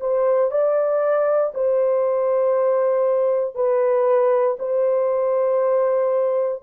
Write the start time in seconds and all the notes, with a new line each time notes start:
0.00 C5
0.51 D5
1.53 C5
3.55 B4
4.59 C5